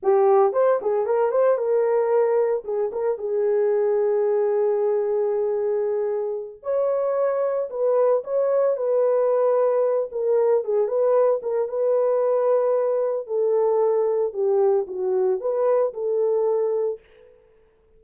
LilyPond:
\new Staff \with { instrumentName = "horn" } { \time 4/4 \tempo 4 = 113 g'4 c''8 gis'8 ais'8 c''8 ais'4~ | ais'4 gis'8 ais'8 gis'2~ | gis'1~ | gis'8 cis''2 b'4 cis''8~ |
cis''8 b'2~ b'8 ais'4 | gis'8 b'4 ais'8 b'2~ | b'4 a'2 g'4 | fis'4 b'4 a'2 | }